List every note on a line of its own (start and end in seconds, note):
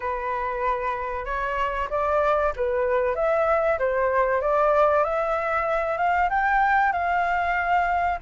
0.00 1.25 B4
1.25 1.88 C#5
1.89 2.53 D5
2.56 3.15 B4
3.15 3.78 E5
3.78 4.41 C5
4.41 5.04 D5
5.04 5.97 E5
5.97 6.29 F5
6.29 6.92 G5
6.92 8.18 F5